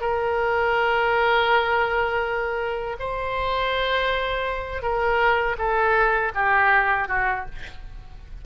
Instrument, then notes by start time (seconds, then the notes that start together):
oboe
0.00 A#4
2.99 C5
4.82 A#4
5.58 A4
6.34 G4
7.08 F#4